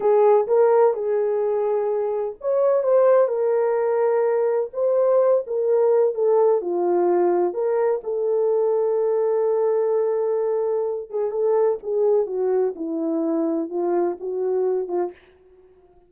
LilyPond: \new Staff \with { instrumentName = "horn" } { \time 4/4 \tempo 4 = 127 gis'4 ais'4 gis'2~ | gis'4 cis''4 c''4 ais'4~ | ais'2 c''4. ais'8~ | ais'4 a'4 f'2 |
ais'4 a'2.~ | a'2.~ a'8 gis'8 | a'4 gis'4 fis'4 e'4~ | e'4 f'4 fis'4. f'8 | }